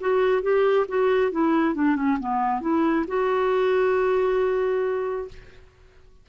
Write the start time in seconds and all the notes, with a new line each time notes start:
0.00 F#4
0.42 G4
0.88 F#4
1.31 E4
1.75 D4
1.96 C#4
2.20 B3
2.61 E4
3.08 F#4